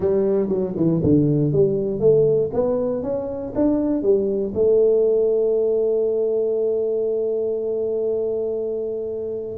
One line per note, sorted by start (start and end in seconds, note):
0.00 0.48 G3
0.48 0.74 F#3
0.76 1.01 E3
1.03 1.52 D3
1.52 2.00 G3
2.00 2.50 A3
2.53 3.03 B3
3.03 3.53 C#4
3.55 4.02 D4
4.02 4.52 G3
4.54 9.57 A3